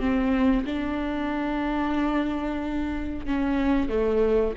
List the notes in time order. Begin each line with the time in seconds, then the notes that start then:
0.00 C4
0.66 D4
3.26 C#4
3.89 A3